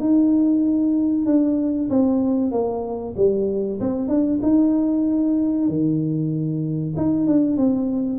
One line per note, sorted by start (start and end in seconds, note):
0.00 1.26 D#4
1.26 1.89 D4
1.90 2.51 C4
2.51 3.15 A#3
3.17 3.80 G3
3.80 4.09 C4
4.09 4.40 D4
4.42 5.68 D#4
5.68 6.95 D#3
6.97 7.27 D#4
7.27 7.57 D4
7.57 8.19 C4